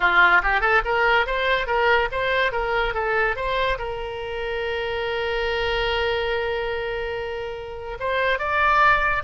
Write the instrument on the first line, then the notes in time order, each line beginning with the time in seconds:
oboe
0.00 F4
0.42 G4
0.61 A4
0.84 A#4
1.26 C5
1.66 A#4
2.11 C5
2.52 A#4
2.94 A4
3.36 C5
3.78 A#4
7.99 C5
8.38 D5